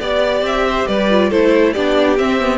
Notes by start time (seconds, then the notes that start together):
0.00 B3 G4 D5
0.42 C4 E5
0.68 C5
0.88 G3 B4 D5
1.10 F4
1.30 A3 E4 A4 C5
1.73 B3 D4 G4 D5
2.18 C4 E5
2.39 B3